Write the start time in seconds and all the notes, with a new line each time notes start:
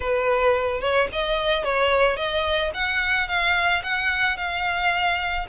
0.00 B4
0.80 C#5
1.12 D#5
1.64 C#5
2.16 D#5
2.74 F#5
3.28 F5
3.83 F#5
4.37 F5